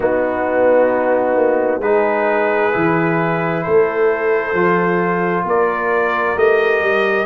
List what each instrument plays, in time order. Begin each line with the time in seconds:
0.00 tuba B3, trombone B3, horn D#4, trumpet F#4
1.35 tuba A#3
1.79 tuba G#3, trombone D#4, horn G#4, trumpet B4
2.72 tuba E3, trombone E4
3.62 tuba A3, horn A4, trumpet C5
4.53 tuba F3, trombone F4
5.44 tuba A#3, horn A#4, trumpet D5
6.35 tuba A3, trombone G4, trumpet D#5
6.80 tuba G3